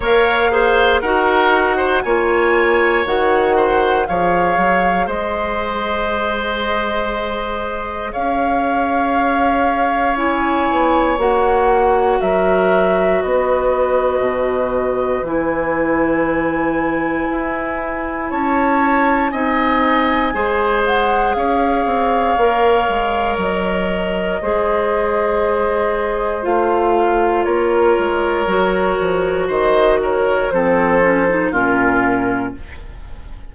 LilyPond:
<<
  \new Staff \with { instrumentName = "flute" } { \time 4/4 \tempo 4 = 59 f''4 fis''4 gis''4 fis''4 | f''4 dis''2. | f''2 gis''4 fis''4 | e''4 dis''2 gis''4~ |
gis''2 a''4 gis''4~ | gis''8 fis''8 f''2 dis''4~ | dis''2 f''4 cis''4~ | cis''4 dis''8 cis''8 c''4 ais'4 | }
  \new Staff \with { instrumentName = "oboe" } { \time 4/4 cis''8 c''8 ais'8. c''16 cis''4. c''8 | cis''4 c''2. | cis''1 | ais'4 b'2.~ |
b'2 cis''4 dis''4 | c''4 cis''2. | c''2. ais'4~ | ais'4 c''8 ais'8 a'4 f'4 | }
  \new Staff \with { instrumentName = "clarinet" } { \time 4/4 ais'8 gis'8 fis'4 f'4 fis'4 | gis'1~ | gis'2 e'4 fis'4~ | fis'2. e'4~ |
e'2. dis'4 | gis'2 ais'2 | gis'2 f'2 | fis'2 c'8 cis'16 dis'16 cis'4 | }
  \new Staff \with { instrumentName = "bassoon" } { \time 4/4 ais4 dis'4 ais4 dis4 | f8 fis8 gis2. | cis'2~ cis'8 b8 ais4 | fis4 b4 b,4 e4~ |
e4 e'4 cis'4 c'4 | gis4 cis'8 c'8 ais8 gis8 fis4 | gis2 a4 ais8 gis8 | fis8 f8 dis4 f4 ais,4 | }
>>